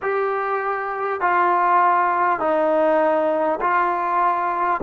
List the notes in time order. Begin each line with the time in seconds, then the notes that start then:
0.02 G4
1.20 F4
2.39 D#4
3.60 F4